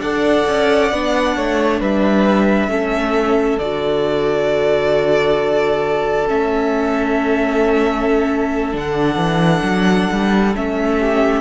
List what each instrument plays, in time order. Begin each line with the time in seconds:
0.00 cello D4, viola A4, violin D5 F#5
0.48 cello C#4
0.92 cello B3, viola D4
1.36 cello A3, violin C#5
1.81 cello G3, violin B4 E5
2.68 cello A3, viola C#4, violin A4
3.59 cello D3, viola F#4, violin D5
6.28 cello A3, viola C#4, violin E5
8.73 cello D3, viola D4, violin F#5
9.16 cello E3
9.63 cello F#3
10.12 cello G3
10.56 cello A3, viola C#4, violin E5
11.00 violin G4